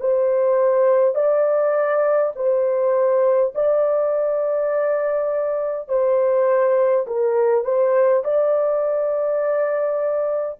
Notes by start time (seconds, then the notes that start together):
0.00 C5
1.14 D5
2.35 C5
3.55 D5
5.88 C5
7.06 A#4
7.65 C5
8.24 D5